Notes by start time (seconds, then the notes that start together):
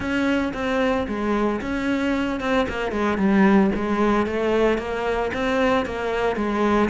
0.00 C#4
0.53 C4
1.07 G#3
1.61 C#4
2.40 C4
2.68 A#3
2.91 G#3
3.17 G3
3.75 G#3
4.26 A3
4.78 A#3
5.33 C4
5.85 A#3
6.35 G#3